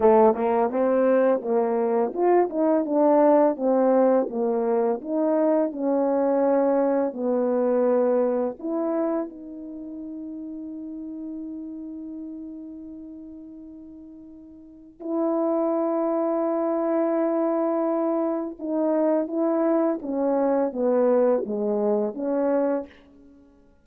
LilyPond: \new Staff \with { instrumentName = "horn" } { \time 4/4 \tempo 4 = 84 a8 ais8 c'4 ais4 f'8 dis'8 | d'4 c'4 ais4 dis'4 | cis'2 b2 | e'4 dis'2.~ |
dis'1~ | dis'4 e'2.~ | e'2 dis'4 e'4 | cis'4 b4 gis4 cis'4 | }